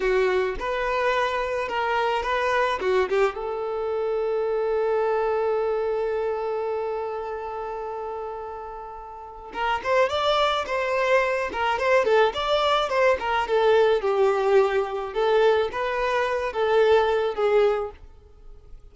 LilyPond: \new Staff \with { instrumentName = "violin" } { \time 4/4 \tempo 4 = 107 fis'4 b'2 ais'4 | b'4 fis'8 g'8 a'2~ | a'1~ | a'1~ |
a'4 ais'8 c''8 d''4 c''4~ | c''8 ais'8 c''8 a'8 d''4 c''8 ais'8 | a'4 g'2 a'4 | b'4. a'4. gis'4 | }